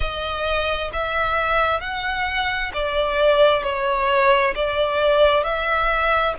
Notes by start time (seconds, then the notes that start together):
0.00 D#5
0.92 E5
1.80 F#5
2.73 D5
3.63 C#5
4.55 D5
5.43 E5